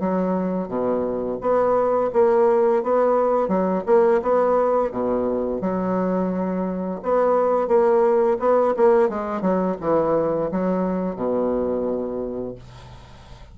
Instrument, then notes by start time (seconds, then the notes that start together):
bassoon
0.00 F#3
0.68 B2
1.41 B3
2.13 A#3
2.83 B3
3.49 F#3
3.86 A#3
4.22 B3
4.92 B2
5.61 F#3
7.03 B3
7.68 A#3
8.39 B3
8.77 A#3
9.09 G#3
9.41 F#3
9.81 E3
10.51 F#3
11.16 B2